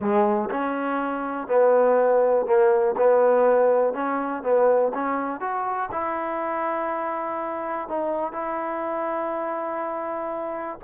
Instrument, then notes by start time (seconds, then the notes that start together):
trombone
0.00 G#3
0.50 C#4
1.47 B3
2.45 A#3
2.97 B3
3.93 C#4
4.42 B3
4.94 C#4
5.40 F#4
5.91 E4
7.88 D#4
8.32 E4